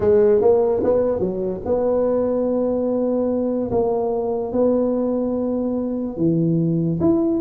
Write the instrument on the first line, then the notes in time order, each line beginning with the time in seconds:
tuba
0.00 G#3
0.41 A#3
0.83 B3
1.19 F#3
1.65 B3
3.71 A#3
4.52 B3
6.16 E3
7.00 E4